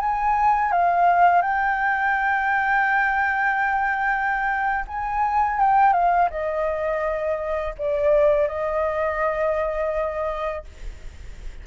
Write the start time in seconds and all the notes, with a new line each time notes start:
0.00 G#5
0.72 F5
1.42 G5
4.87 G#5
5.60 G5
5.93 F5
6.30 D#5
7.78 D5
8.48 D#5